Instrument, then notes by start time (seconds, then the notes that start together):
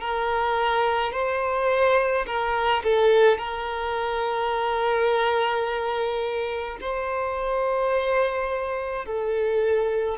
violin
0.00 A#4
1.12 C5
2.26 A#4
2.84 A4
3.38 A#4
6.80 C5
9.05 A4